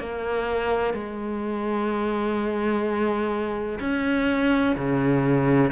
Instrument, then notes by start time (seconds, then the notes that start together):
cello
0.00 A#3
0.94 G#3
3.81 C#4
4.76 C#3